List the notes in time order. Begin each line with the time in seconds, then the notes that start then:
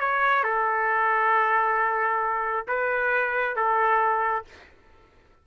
0.00 C#5
0.44 A4
2.68 B4
3.56 A4